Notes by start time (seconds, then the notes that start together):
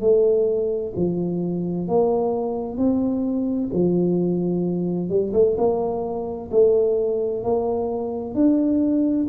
0.00 A3
0.95 F3
1.88 A#3
2.77 C4
3.73 F3
5.09 G3
5.33 A3
5.57 A#3
6.51 A3
7.43 A#3
8.34 D4